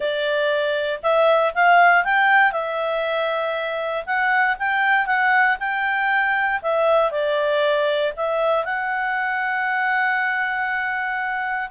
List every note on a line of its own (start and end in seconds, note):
0.00 1.00 D5
1.02 1.53 E5
1.54 2.04 F5
2.04 2.52 G5
2.52 4.04 E5
4.05 4.56 F#5
4.59 5.06 G5
5.06 5.57 F#5
5.59 6.61 G5
6.62 7.11 E5
7.11 8.12 D5
8.16 8.64 E5
8.64 11.69 F#5